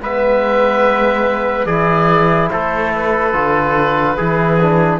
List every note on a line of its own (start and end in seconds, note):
0.00 1.66 G#3
0.00 1.68 B3
0.00 1.66 B4
0.00 1.66 E5
1.66 2.49 E3
1.66 3.33 E4
1.66 2.49 G#4
1.66 2.49 D5
2.50 3.33 A3
2.50 4.17 A4
2.50 2.91 C5
2.95 4.99 B4
3.33 4.16 D3
3.33 4.16 F4
4.16 4.99 E3
4.16 4.58 E4
4.16 4.99 G#4
4.61 4.99 D4